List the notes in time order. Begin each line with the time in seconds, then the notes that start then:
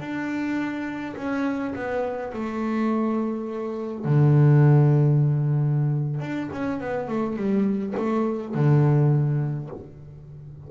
0.00 D4
1.16 C#4
1.75 B3
2.33 A3
4.05 D3
6.20 D4
6.53 C#4
6.80 B3
7.08 A3
7.36 G3
7.97 A3
8.55 D3